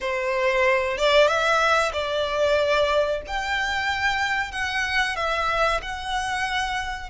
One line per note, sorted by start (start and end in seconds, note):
0.00 0.97 C5
0.97 1.27 D5
1.27 1.91 E5
1.92 3.21 D5
3.27 4.51 G5
4.51 5.16 F#5
5.16 5.80 E5
5.82 7.09 F#5